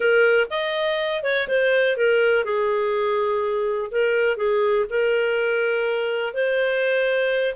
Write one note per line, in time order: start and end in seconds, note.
0.00 0.47 A#4
0.49 1.23 D#5
1.23 1.47 C#5
1.48 1.96 C5
1.96 2.44 A#4
2.44 3.90 G#4
3.91 4.36 A#4
4.36 4.85 G#4
4.89 6.33 A#4
6.33 7.55 C5